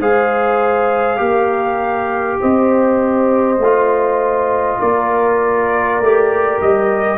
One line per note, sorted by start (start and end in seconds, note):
0.00 1.19 G#3
0.00 1.17 G#4
0.00 1.20 C5
0.00 2.42 F5
1.17 2.39 A#3
1.17 3.57 G4
1.17 2.41 A#4
2.41 3.58 C4
2.41 4.80 C5
2.41 4.81 D#5
3.58 4.79 A3
3.58 6.04 F4
4.80 6.01 A#3
4.80 7.19 A#4
4.80 6.61 D5
6.01 6.61 A3
6.01 7.19 G4
6.62 7.19 G3
6.62 7.19 D#5